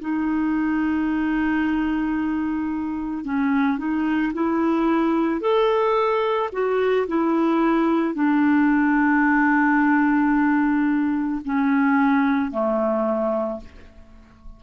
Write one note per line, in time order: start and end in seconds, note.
0.00 3.24 D#4
3.24 3.78 C#4
3.78 4.32 D#4
4.33 5.40 E4
5.40 6.50 A4
6.52 7.07 F#4
7.08 8.14 E4
8.14 11.41 D4
11.44 12.51 C#4
12.51 13.60 A3